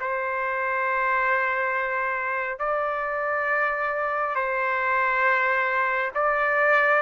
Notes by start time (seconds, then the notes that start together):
0.00 C5
2.59 D5
4.35 C5
6.14 D5